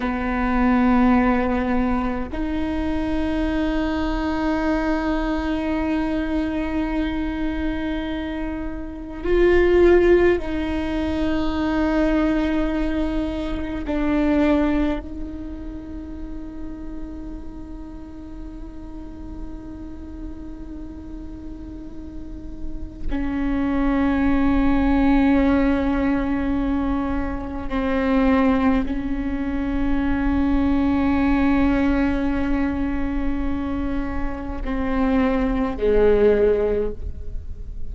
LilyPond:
\new Staff \with { instrumentName = "viola" } { \time 4/4 \tempo 4 = 52 b2 dis'2~ | dis'1 | f'4 dis'2. | d'4 dis'2.~ |
dis'1 | cis'1 | c'4 cis'2.~ | cis'2 c'4 gis4 | }